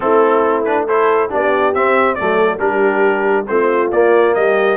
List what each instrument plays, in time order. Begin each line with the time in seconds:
0.00 tuba A3, trombone C4, horn E4, trumpet A4
0.64 trombone D4, trumpet B4
0.84 trombone E4, horn A4, trumpet C5
1.29 tuba B3, trombone D4, horn G4, trumpet D5
1.74 tuba C4, trombone C4, trumpet E5
2.14 tuba F#3, trombone A3, horn A4, trumpet D5
2.58 tuba G3, trombone D4, horn G4, trumpet A#4
3.47 tuba A3, trombone C4, horn F4, trumpet C5
3.91 tuba A#3, trombone A#3, trumpet D5
4.34 tuba G3, horn G4, trumpet D#5